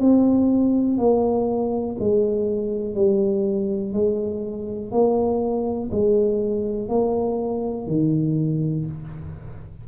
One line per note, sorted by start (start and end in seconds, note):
0.00 0.98 C4
0.98 1.97 A#3
2.00 2.95 G#3
2.95 3.93 G3
3.93 4.92 G#3
4.92 5.90 A#3
5.92 6.89 G#3
6.89 7.87 A#3
7.87 8.86 D#3